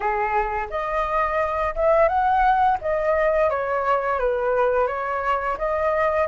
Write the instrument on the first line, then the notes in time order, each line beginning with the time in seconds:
flute
0.00 G#4
0.70 D#5
1.75 E5
2.08 F#5
2.81 D#5
3.49 C#5
4.19 B4
4.87 C#5
5.58 D#5